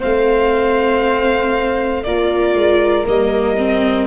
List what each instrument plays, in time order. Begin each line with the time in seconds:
0.00 tuba A3, viola C4, flute C5, violin F5
2.04 tuba A#3, viola F4, flute A#4, violin D5
2.55 tuba G#3
3.06 tuba G3, viola A#3, violin D#5
3.58 viola C4